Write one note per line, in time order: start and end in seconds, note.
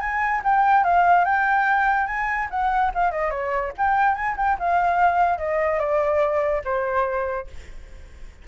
0.00 0.41 G#5
0.44 0.84 G5
0.84 1.25 F5
1.25 2.07 G5
2.07 2.48 G#5
2.50 2.92 F#5
2.94 3.11 F5
3.11 3.31 D#5
3.31 3.72 C#5
3.77 4.15 G5
4.15 4.35 G#5
4.37 4.58 G5
4.59 5.38 F5
5.38 5.79 D#5
5.79 6.62 D5
6.65 7.47 C5